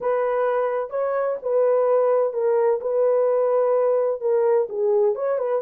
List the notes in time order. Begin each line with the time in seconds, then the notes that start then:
0.01 B4
0.89 C#5
1.42 B4
2.33 A#4
2.81 B4
4.21 A#4
4.69 G#4
5.15 C#5
5.38 B4